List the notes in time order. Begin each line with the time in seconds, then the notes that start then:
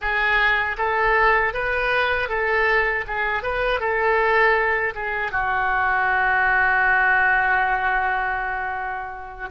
0.01 G#4
0.77 A4
1.53 B4
2.29 A4
3.07 G#4
3.42 B4
3.80 A4
4.94 G#4
5.31 F#4